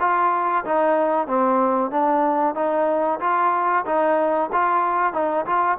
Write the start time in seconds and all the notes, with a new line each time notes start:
0.00 F4
0.65 D#4
1.27 C4
1.91 D4
2.55 D#4
3.20 F4
3.86 D#4
4.52 F4
5.13 D#4
5.46 F4